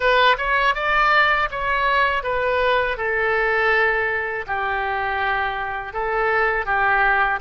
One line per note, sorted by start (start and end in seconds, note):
0.00 0.36 B4
0.37 0.74 C#5
0.74 1.48 D5
1.50 2.23 C#5
2.23 2.97 B4
2.97 4.45 A4
4.46 5.93 G4
5.93 6.65 A4
6.65 7.39 G4